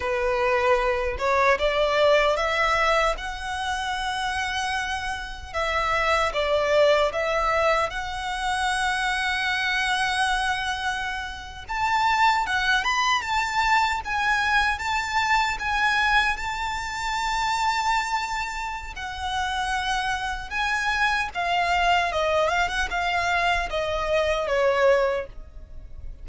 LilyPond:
\new Staff \with { instrumentName = "violin" } { \time 4/4 \tempo 4 = 76 b'4. cis''8 d''4 e''4 | fis''2. e''4 | d''4 e''4 fis''2~ | fis''2~ fis''8. a''4 fis''16~ |
fis''16 b''8 a''4 gis''4 a''4 gis''16~ | gis''8. a''2.~ a''16 | fis''2 gis''4 f''4 | dis''8 f''16 fis''16 f''4 dis''4 cis''4 | }